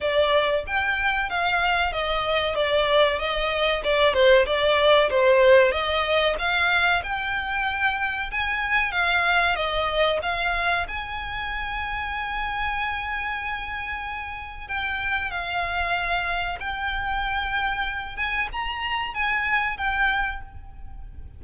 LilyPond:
\new Staff \with { instrumentName = "violin" } { \time 4/4 \tempo 4 = 94 d''4 g''4 f''4 dis''4 | d''4 dis''4 d''8 c''8 d''4 | c''4 dis''4 f''4 g''4~ | g''4 gis''4 f''4 dis''4 |
f''4 gis''2.~ | gis''2. g''4 | f''2 g''2~ | g''8 gis''8 ais''4 gis''4 g''4 | }